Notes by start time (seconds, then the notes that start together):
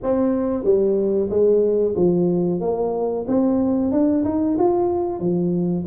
0.02 C4
0.63 G3
1.30 G#3
1.96 F3
2.60 A#3
3.27 C4
3.91 D4
4.24 D#4
4.58 F4
5.19 F3